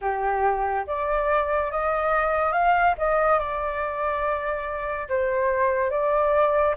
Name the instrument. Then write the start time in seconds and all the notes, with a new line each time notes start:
flute
0.01 G4
0.86 D5
1.71 D#5
2.52 F5
2.98 D#5
3.39 D5
5.09 C5
5.90 D5